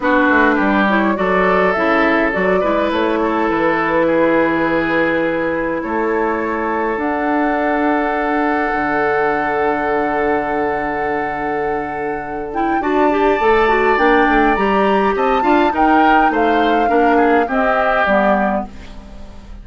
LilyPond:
<<
  \new Staff \with { instrumentName = "flute" } { \time 4/4 \tempo 4 = 103 b'4. cis''8 d''4 e''4 | d''4 cis''4 b'2~ | b'2 cis''2 | fis''1~ |
fis''1~ | fis''4. g''8 a''2 | g''4 ais''4 a''4 g''4 | f''2 dis''4 d''4 | }
  \new Staff \with { instrumentName = "oboe" } { \time 4/4 fis'4 g'4 a'2~ | a'8 b'4 a'4. gis'4~ | gis'2 a'2~ | a'1~ |
a'1~ | a'2 d''2~ | d''2 dis''8 f''8 ais'4 | c''4 ais'8 gis'8 g'2 | }
  \new Staff \with { instrumentName = "clarinet" } { \time 4/4 d'4. e'8 fis'4 e'4 | fis'8 e'2.~ e'8~ | e'1 | d'1~ |
d'1~ | d'4. e'8 fis'8 g'8 a'8 fis'8 | d'4 g'4. f'8 dis'4~ | dis'4 d'4 c'4 b4 | }
  \new Staff \with { instrumentName = "bassoon" } { \time 4/4 b8 a8 g4 fis4 cis4 | fis8 gis8 a4 e2~ | e2 a2 | d'2. d4~ |
d1~ | d2 d'4 a4 | ais8 a8 g4 c'8 d'8 dis'4 | a4 ais4 c'4 g4 | }
>>